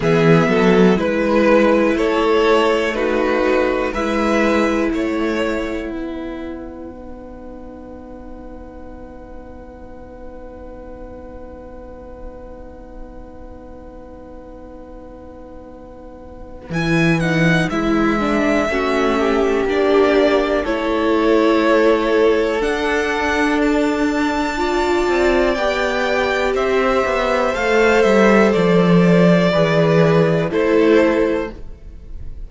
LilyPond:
<<
  \new Staff \with { instrumentName = "violin" } { \time 4/4 \tempo 4 = 61 e''4 b'4 cis''4 b'4 | e''4 fis''2.~ | fis''1~ | fis''1~ |
fis''4 gis''8 fis''8 e''2 | d''4 cis''2 fis''4 | a''2 g''4 e''4 | f''8 e''8 d''2 c''4 | }
  \new Staff \with { instrumentName = "violin" } { \time 4/4 gis'8 a'8 b'4 a'4 fis'4 | b'4 cis''4 b'2~ | b'1~ | b'1~ |
b'2. fis'8 g'8~ | g'4 a'2.~ | a'4 d''2 c''4~ | c''2 b'4 a'4 | }
  \new Staff \with { instrumentName = "viola" } { \time 4/4 b4 e'2 dis'4 | e'2. dis'4~ | dis'1~ | dis'1~ |
dis'4 e'8 dis'8 e'8 d'8 cis'4 | d'4 e'2 d'4~ | d'4 f'4 g'2 | a'2 gis'4 e'4 | }
  \new Staff \with { instrumentName = "cello" } { \time 4/4 e8 fis8 gis4 a2 | gis4 a4 b2~ | b1~ | b1~ |
b4 e4 gis4 a4 | ais4 a2 d'4~ | d'4. c'8 b4 c'8 b8 | a8 g8 f4 e4 a4 | }
>>